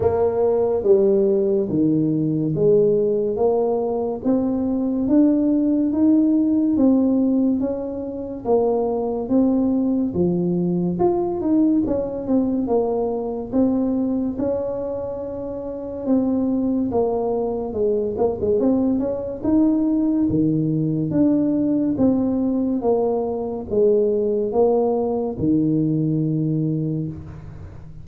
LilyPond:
\new Staff \with { instrumentName = "tuba" } { \time 4/4 \tempo 4 = 71 ais4 g4 dis4 gis4 | ais4 c'4 d'4 dis'4 | c'4 cis'4 ais4 c'4 | f4 f'8 dis'8 cis'8 c'8 ais4 |
c'4 cis'2 c'4 | ais4 gis8 ais16 gis16 c'8 cis'8 dis'4 | dis4 d'4 c'4 ais4 | gis4 ais4 dis2 | }